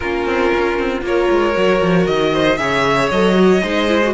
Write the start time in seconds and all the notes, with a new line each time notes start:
0.00 A#3 C#4 F4 A#4
0.25 C4
0.53 C#4
0.78 C4
1.01 A#3 F4 A#4 C#5
1.30 G#3
1.53 F#3 F#4
1.81 F3
2.06 D#3 D#5
2.33 C5
2.57 C#3 G#4 C#5 E5
3.10 F#3 A4 D#5
3.34 F#4
3.62 G#3 D#4 C5
3.88 E4
4.03 F#4